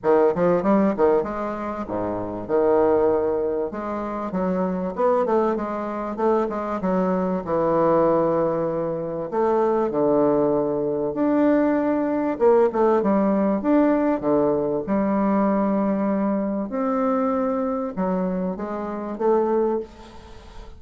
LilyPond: \new Staff \with { instrumentName = "bassoon" } { \time 4/4 \tempo 4 = 97 dis8 f8 g8 dis8 gis4 gis,4 | dis2 gis4 fis4 | b8 a8 gis4 a8 gis8 fis4 | e2. a4 |
d2 d'2 | ais8 a8 g4 d'4 d4 | g2. c'4~ | c'4 fis4 gis4 a4 | }